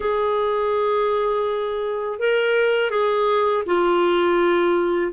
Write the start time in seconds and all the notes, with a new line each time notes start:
0.00 G#4
2.19 A#4
2.90 G#4
3.66 F4